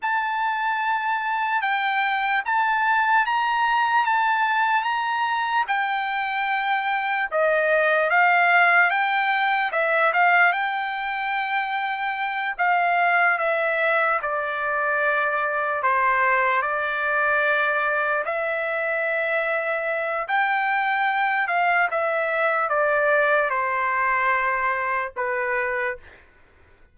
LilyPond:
\new Staff \with { instrumentName = "trumpet" } { \time 4/4 \tempo 4 = 74 a''2 g''4 a''4 | ais''4 a''4 ais''4 g''4~ | g''4 dis''4 f''4 g''4 | e''8 f''8 g''2~ g''8 f''8~ |
f''8 e''4 d''2 c''8~ | c''8 d''2 e''4.~ | e''4 g''4. f''8 e''4 | d''4 c''2 b'4 | }